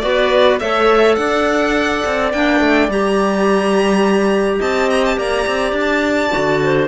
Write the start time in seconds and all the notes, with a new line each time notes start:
0.00 B3 F#4 B4 D5
0.59 A3 A4 C#5 E5
1.15 D4 D5 F#5
2.05 C4
2.32 A#3 D4 G5
2.60 A3
2.88 G3 G4 A#5
4.59 C4 D#5 A5
4.90 A#5
5.05 A5
5.17 A#3 D5 A#5
5.47 C4
5.72 D4
5.80 A5
6.31 D3 F#4
6.63 C5